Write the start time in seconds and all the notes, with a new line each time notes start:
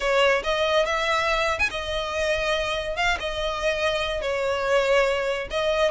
0.00 C#5
0.43 D#5
0.85 E5
1.59 G#5
1.70 D#5
2.96 F5
3.19 D#5
4.21 C#5
5.50 D#5